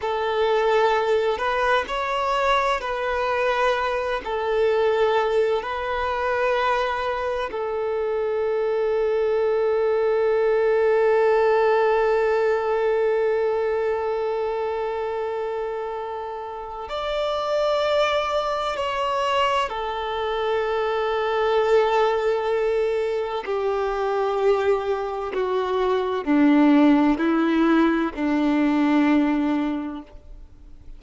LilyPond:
\new Staff \with { instrumentName = "violin" } { \time 4/4 \tempo 4 = 64 a'4. b'8 cis''4 b'4~ | b'8 a'4. b'2 | a'1~ | a'1~ |
a'2 d''2 | cis''4 a'2.~ | a'4 g'2 fis'4 | d'4 e'4 d'2 | }